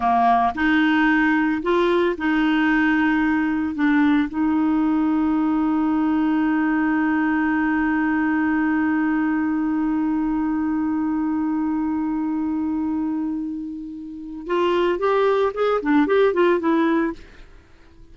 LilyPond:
\new Staff \with { instrumentName = "clarinet" } { \time 4/4 \tempo 4 = 112 ais4 dis'2 f'4 | dis'2. d'4 | dis'1~ | dis'1~ |
dis'1~ | dis'1~ | dis'2. f'4 | g'4 gis'8 d'8 g'8 f'8 e'4 | }